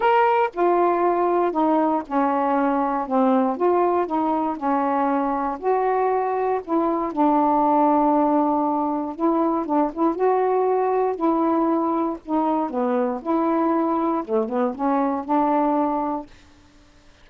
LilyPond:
\new Staff \with { instrumentName = "saxophone" } { \time 4/4 \tempo 4 = 118 ais'4 f'2 dis'4 | cis'2 c'4 f'4 | dis'4 cis'2 fis'4~ | fis'4 e'4 d'2~ |
d'2 e'4 d'8 e'8 | fis'2 e'2 | dis'4 b4 e'2 | a8 b8 cis'4 d'2 | }